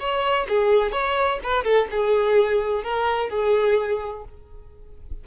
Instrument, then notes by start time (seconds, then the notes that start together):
violin
0.00 C#5
0.49 G#4
0.92 C#5
1.43 B4
1.64 A4
1.91 G#4
2.84 A#4
3.30 G#4